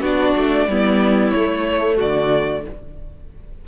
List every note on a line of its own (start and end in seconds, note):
0.00 0.33 B3
0.00 0.68 D4
0.00 0.67 F#4
0.00 1.30 D5
0.36 0.67 A3
0.67 1.32 G3
0.67 1.36 B3
0.67 1.96 E4
1.30 2.00 A3
1.30 1.95 C#5
1.37 2.67 A3
1.96 2.65 D3
1.96 2.61 F#4
1.96 2.65 D5